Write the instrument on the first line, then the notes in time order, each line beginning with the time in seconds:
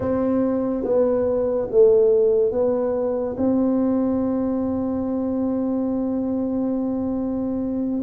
tuba
0.00 C4
0.83 B3
1.70 A3
2.51 B3
3.36 C4